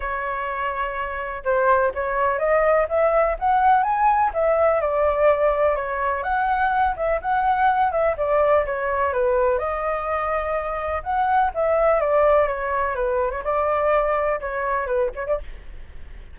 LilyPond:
\new Staff \with { instrumentName = "flute" } { \time 4/4 \tempo 4 = 125 cis''2. c''4 | cis''4 dis''4 e''4 fis''4 | gis''4 e''4 d''2 | cis''4 fis''4. e''8 fis''4~ |
fis''8 e''8 d''4 cis''4 b'4 | dis''2. fis''4 | e''4 d''4 cis''4 b'8. cis''16 | d''2 cis''4 b'8 cis''16 d''16 | }